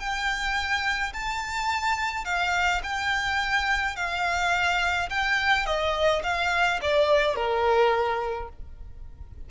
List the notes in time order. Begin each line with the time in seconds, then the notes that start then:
0.00 G5
1.13 A5
2.25 F5
2.84 G5
3.96 F5
5.10 G5
5.66 D#5
6.24 F5
6.82 D5
7.36 A#4